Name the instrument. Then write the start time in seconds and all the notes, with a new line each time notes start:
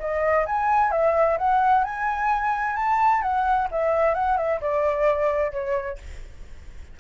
flute
0.00 D#5
0.47 G#5
0.92 E5
1.38 F#5
1.84 G#5
2.77 A5
3.22 F#5
3.72 E5
4.15 F#5
4.38 E5
4.61 D5
5.52 C#5